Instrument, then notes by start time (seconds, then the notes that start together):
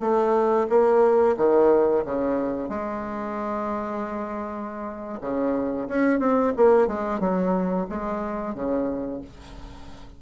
bassoon
0.00 A3
0.69 A#3
1.37 D#3
2.05 C#3
2.68 G#3
5.21 C#3
5.88 C#4
6.19 C4
6.56 A#3
6.87 G#3
7.19 F#3
7.89 G#3
8.54 C#3